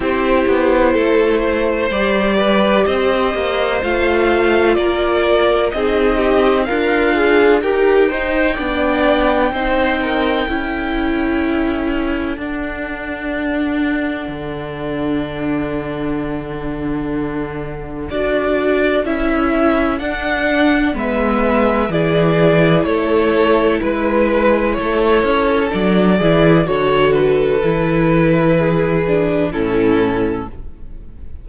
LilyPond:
<<
  \new Staff \with { instrumentName = "violin" } { \time 4/4 \tempo 4 = 63 c''2 d''4 dis''4 | f''4 d''4 dis''4 f''4 | g''1~ | g''4 fis''2.~ |
fis''2. d''4 | e''4 fis''4 e''4 d''4 | cis''4 b'4 cis''4 d''4 | cis''8 b'2~ b'8 a'4 | }
  \new Staff \with { instrumentName = "violin" } { \time 4/4 g'4 a'8 c''4 b'8 c''4~ | c''4 ais'4 gis'8 g'8 f'4 | ais'8 c''8 d''4 c''8 ais'8 a'4~ | a'1~ |
a'1~ | a'2 b'4 gis'4 | a'4 b'4 a'4. gis'8 | a'2 gis'4 e'4 | }
  \new Staff \with { instrumentName = "viola" } { \time 4/4 e'2 g'2 | f'2 dis'4 ais'8 gis'8 | g'8 dis'8 d'4 dis'4 e'4~ | e'4 d'2.~ |
d'2. fis'4 | e'4 d'4 b4 e'4~ | e'2. d'8 e'8 | fis'4 e'4. d'8 cis'4 | }
  \new Staff \with { instrumentName = "cello" } { \time 4/4 c'8 b8 a4 g4 c'8 ais8 | a4 ais4 c'4 d'4 | dis'4 b4 c'4 cis'4~ | cis'4 d'2 d4~ |
d2. d'4 | cis'4 d'4 gis4 e4 | a4 gis4 a8 cis'8 fis8 e8 | d4 e2 a,4 | }
>>